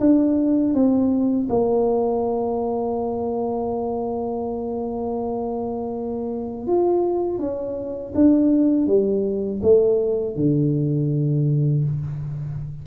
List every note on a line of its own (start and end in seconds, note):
0.00 0.74 D4
0.74 1.48 C4
1.49 6.67 A#3
6.67 7.39 F4
7.39 8.13 C#4
8.15 8.87 D4
8.87 9.61 G3
9.62 10.36 A3
10.36 11.84 D3